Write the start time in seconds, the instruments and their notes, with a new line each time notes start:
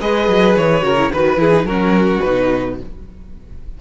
0.00 cello G#3, viola G#4, violin B4 D#5
0.28 cello F#3
0.56 cello E3, violin C#5
0.81 cello C#3, viola F#4, violin A#4
0.97 viola E4
1.12 cello D#3, viola F#4, violin B4
1.37 cello E3, viola E4, violin G#4
1.53 viola D#4
1.63 cello F#3, viola C#4, violin F#4 A#4
2.20 cello B2, viola D#4, violin B4